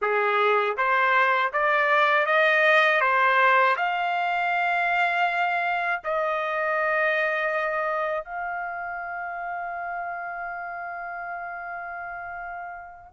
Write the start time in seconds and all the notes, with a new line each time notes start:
0.01 G#4
0.77 C5
1.52 D5
2.25 D#5
3.00 C5
3.76 F5
6.03 D#5
8.24 F5